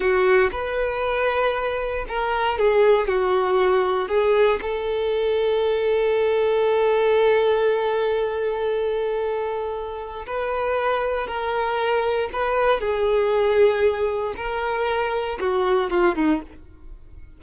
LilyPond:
\new Staff \with { instrumentName = "violin" } { \time 4/4 \tempo 4 = 117 fis'4 b'2. | ais'4 gis'4 fis'2 | gis'4 a'2.~ | a'1~ |
a'1 | b'2 ais'2 | b'4 gis'2. | ais'2 fis'4 f'8 dis'8 | }